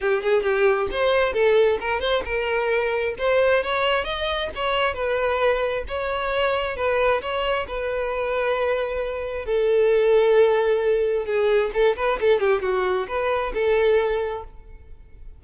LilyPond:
\new Staff \with { instrumentName = "violin" } { \time 4/4 \tempo 4 = 133 g'8 gis'8 g'4 c''4 a'4 | ais'8 c''8 ais'2 c''4 | cis''4 dis''4 cis''4 b'4~ | b'4 cis''2 b'4 |
cis''4 b'2.~ | b'4 a'2.~ | a'4 gis'4 a'8 b'8 a'8 g'8 | fis'4 b'4 a'2 | }